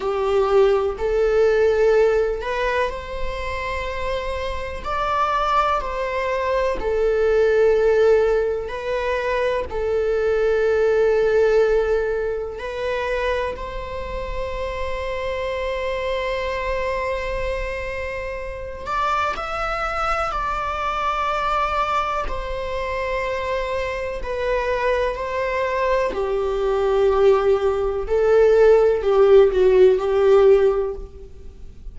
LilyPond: \new Staff \with { instrumentName = "viola" } { \time 4/4 \tempo 4 = 62 g'4 a'4. b'8 c''4~ | c''4 d''4 c''4 a'4~ | a'4 b'4 a'2~ | a'4 b'4 c''2~ |
c''2.~ c''8 d''8 | e''4 d''2 c''4~ | c''4 b'4 c''4 g'4~ | g'4 a'4 g'8 fis'8 g'4 | }